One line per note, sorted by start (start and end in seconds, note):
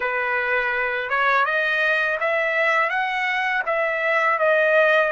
0.00 1.09 B4
1.09 1.45 C#5
1.45 2.18 D#5
2.20 2.89 E5
2.89 3.62 F#5
3.66 4.39 E5
4.39 5.12 D#5